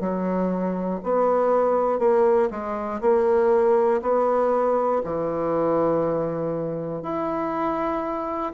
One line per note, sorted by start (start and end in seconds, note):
0.00 1.00 F#3
1.03 1.99 B3
1.99 2.49 A#3
2.50 3.00 G#3
3.01 4.01 A#3
4.02 5.02 B3
5.04 7.03 E3
7.03 8.53 E4